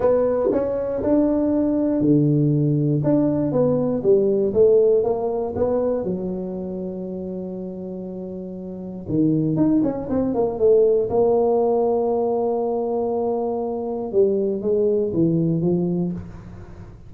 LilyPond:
\new Staff \with { instrumentName = "tuba" } { \time 4/4 \tempo 4 = 119 b4 cis'4 d'2 | d2 d'4 b4 | g4 a4 ais4 b4 | fis1~ |
fis2 dis4 dis'8 cis'8 | c'8 ais8 a4 ais2~ | ais1 | g4 gis4 e4 f4 | }